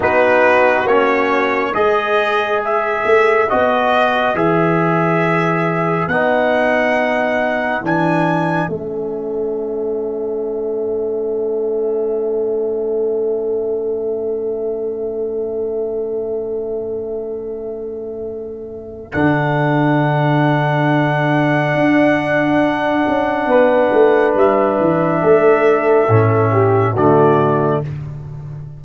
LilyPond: <<
  \new Staff \with { instrumentName = "trumpet" } { \time 4/4 \tempo 4 = 69 b'4 cis''4 dis''4 e''4 | dis''4 e''2 fis''4~ | fis''4 gis''4 e''2~ | e''1~ |
e''1~ | e''2 fis''2~ | fis''1 | e''2. d''4 | }
  \new Staff \with { instrumentName = "horn" } { \time 4/4 fis'2 b'2~ | b'1~ | b'2 a'2~ | a'1~ |
a'1~ | a'1~ | a'2. b'4~ | b'4 a'4. g'8 fis'4 | }
  \new Staff \with { instrumentName = "trombone" } { \time 4/4 dis'4 cis'4 gis'2 | fis'4 gis'2 dis'4~ | dis'4 d'4 cis'2~ | cis'1~ |
cis'1~ | cis'2 d'2~ | d'1~ | d'2 cis'4 a4 | }
  \new Staff \with { instrumentName = "tuba" } { \time 4/4 b4 ais4 gis4. a8 | b4 e2 b4~ | b4 e4 a2~ | a1~ |
a1~ | a2 d2~ | d4 d'4. cis'8 b8 a8 | g8 e8 a4 a,4 d4 | }
>>